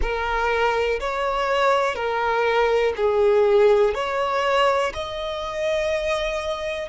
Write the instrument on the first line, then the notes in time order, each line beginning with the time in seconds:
violin
0.01 A#4
1.00 C#5
1.95 A#4
2.96 G#4
3.94 C#5
4.93 D#5